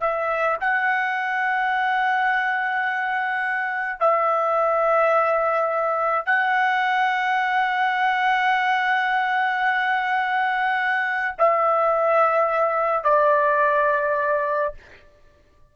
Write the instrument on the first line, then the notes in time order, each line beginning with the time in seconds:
trumpet
0.00 E5
0.60 F#5
4.00 E5
6.26 F#5
11.38 E5
13.04 D5